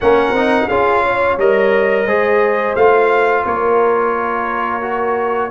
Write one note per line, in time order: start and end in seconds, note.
0.00 0.30 A#3
0.00 0.35 C#4
0.00 0.68 A#4
0.00 0.68 F#5
0.30 0.65 C4
0.30 0.69 D#4
0.68 1.37 C#4
0.68 1.39 F4
0.68 1.02 G#4
0.68 1.37 F5
1.03 2.06 C#5
1.37 2.06 G3
1.37 2.07 A#4
1.37 2.75 D#5
2.06 2.75 G#3
2.06 2.76 G#4
2.06 3.44 C5
2.75 3.44 A3
2.75 4.81 F4
2.75 3.44 F5
3.45 5.50 A#3
3.45 5.50 A#4
3.45 5.50 C#5
4.81 5.50 F#4